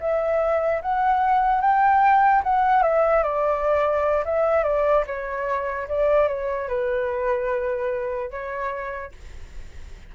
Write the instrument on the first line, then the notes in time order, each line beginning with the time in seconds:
flute
0.00 E5
0.82 F#5
1.61 G5
2.43 F#5
2.82 E5
3.22 D5
4.25 E5
4.63 D5
5.06 C#5
5.88 D5
6.28 C#5
6.68 B4
8.30 C#5